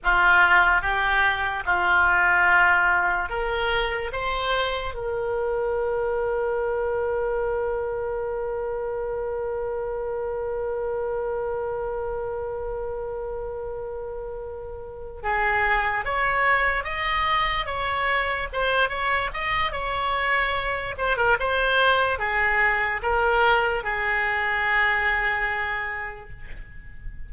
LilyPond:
\new Staff \with { instrumentName = "oboe" } { \time 4/4 \tempo 4 = 73 f'4 g'4 f'2 | ais'4 c''4 ais'2~ | ais'1~ | ais'1~ |
ais'2~ ais'8 gis'4 cis''8~ | cis''8 dis''4 cis''4 c''8 cis''8 dis''8 | cis''4. c''16 ais'16 c''4 gis'4 | ais'4 gis'2. | }